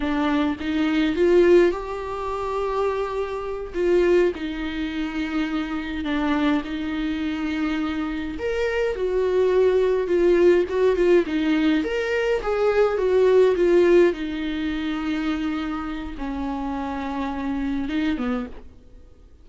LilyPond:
\new Staff \with { instrumentName = "viola" } { \time 4/4 \tempo 4 = 104 d'4 dis'4 f'4 g'4~ | g'2~ g'8 f'4 dis'8~ | dis'2~ dis'8 d'4 dis'8~ | dis'2~ dis'8 ais'4 fis'8~ |
fis'4. f'4 fis'8 f'8 dis'8~ | dis'8 ais'4 gis'4 fis'4 f'8~ | f'8 dis'2.~ dis'8 | cis'2. dis'8 b8 | }